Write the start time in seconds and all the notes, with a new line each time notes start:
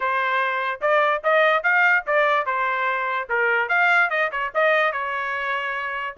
0.00 C5
0.81 D5
1.23 D#5
1.63 F5
2.06 D5
2.46 C5
3.29 A#4
3.69 F5
4.10 D#5
4.31 C#5
4.54 D#5
4.92 C#5